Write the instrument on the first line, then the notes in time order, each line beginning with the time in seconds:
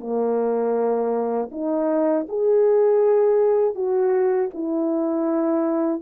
horn
0.00 A#3
1.51 D#4
2.28 G#4
3.75 F#4
4.54 E4